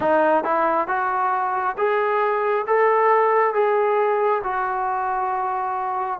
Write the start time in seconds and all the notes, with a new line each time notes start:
0.00 D#4
0.44 E4
0.87 F#4
1.77 G#4
2.67 A4
3.53 G#4
4.43 F#4